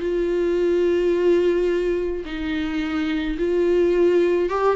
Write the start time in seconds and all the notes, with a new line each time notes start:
0.00 F4
2.25 D#4
3.38 F4
4.49 G4